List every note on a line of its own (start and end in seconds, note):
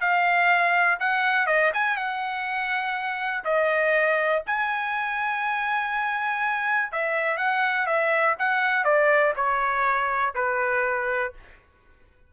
0.00 0.98 F5
0.99 1.46 F#5
1.46 1.71 D#5
1.73 1.96 G#5
1.96 3.44 F#5
3.44 4.42 D#5
4.46 6.92 G#5
6.92 7.37 E5
7.37 7.86 F#5
7.86 8.35 E5
8.38 8.84 F#5
8.84 9.33 D5
9.36 10.34 C#5
10.34 11.33 B4